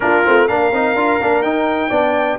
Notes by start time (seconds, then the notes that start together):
0.00 A#3 D4 F4 A#4
0.24 A3 C4
0.47 A#3 D4 A#4 F5
0.71 C4 D#4
0.94 D4 F4
1.21 A#3 D4
1.41 D#4 G5
1.89 B3 D4 D5